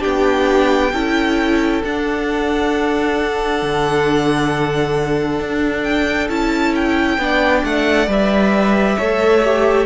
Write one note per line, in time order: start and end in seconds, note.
0.00 0.93 B3
0.00 0.90 D4
0.00 0.90 G4
0.00 1.82 G5
0.93 1.82 C#4
0.93 1.84 E4
0.93 7.20 A4
1.84 3.62 D4
1.84 6.29 D4
1.84 5.83 F#5
3.62 5.40 D3
5.40 6.29 D4
5.83 6.28 G5
6.29 7.18 C#4
6.29 7.19 E4
6.29 6.74 A5
6.75 7.64 G5
7.18 7.62 B3
7.18 8.07 D4
7.18 8.98 D5
7.64 8.07 A3
7.64 8.09 F#5
8.07 8.97 G3
8.07 8.96 B4
8.07 9.86 E5
8.98 9.86 A3
8.98 9.43 A4
8.98 9.86 C#5
9.44 9.86 G4